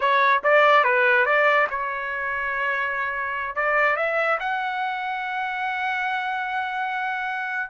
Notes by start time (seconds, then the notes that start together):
0.00 C#5
0.43 D5
0.84 B4
1.25 D5
1.70 C#5
3.55 D5
3.96 E5
4.39 F#5